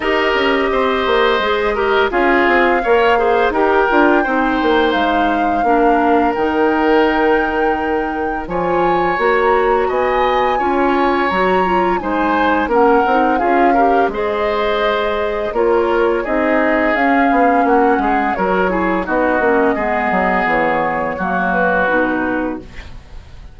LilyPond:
<<
  \new Staff \with { instrumentName = "flute" } { \time 4/4 \tempo 4 = 85 dis''2. f''4~ | f''4 g''2 f''4~ | f''4 g''2. | gis''4 ais''4 gis''2 |
ais''4 gis''4 fis''4 f''4 | dis''2 cis''4 dis''4 | f''4 fis''4 cis''4 dis''4~ | dis''4 cis''4. b'4. | }
  \new Staff \with { instrumentName = "oboe" } { \time 4/4 ais'4 c''4. ais'8 gis'4 | cis''8 c''8 ais'4 c''2 | ais'1 | cis''2 dis''4 cis''4~ |
cis''4 c''4 ais'4 gis'8 ais'8 | c''2 ais'4 gis'4~ | gis'4 fis'8 gis'8 ais'8 gis'8 fis'4 | gis'2 fis'2 | }
  \new Staff \with { instrumentName = "clarinet" } { \time 4/4 g'2 gis'8 g'8 f'4 | ais'8 gis'8 g'8 f'8 dis'2 | d'4 dis'2. | f'4 fis'2 f'4 |
fis'8 f'8 dis'4 cis'8 dis'8 f'8 g'8 | gis'2 f'4 dis'4 | cis'2 fis'8 e'8 dis'8 cis'8 | b2 ais4 dis'4 | }
  \new Staff \with { instrumentName = "bassoon" } { \time 4/4 dis'8 cis'8 c'8 ais8 gis4 cis'8 c'8 | ais4 dis'8 d'8 c'8 ais8 gis4 | ais4 dis2. | f4 ais4 b4 cis'4 |
fis4 gis4 ais8 c'8 cis'4 | gis2 ais4 c'4 | cis'8 b8 ais8 gis8 fis4 b8 ais8 | gis8 fis8 e4 fis4 b,4 | }
>>